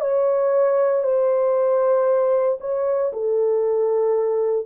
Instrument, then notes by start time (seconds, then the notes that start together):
horn
0.00 C#5
1.03 C5
2.61 C#5
3.13 A4